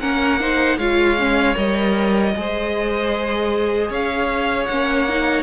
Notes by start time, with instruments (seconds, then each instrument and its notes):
0.00 cello A#3, viola C#4, violin A#4 F#5
0.40 viola D#4, violin C5
0.77 cello G#3, viola F4, violin C#5 F5
1.18 viola C#4
1.55 cello G3, viola A#4, violin D#5
2.36 cello G#3, viola G#4, violin C5
3.90 cello C#4, violin C#5 F5
4.65 cello A#3, viola C#4, violin F#5
5.09 viola D#4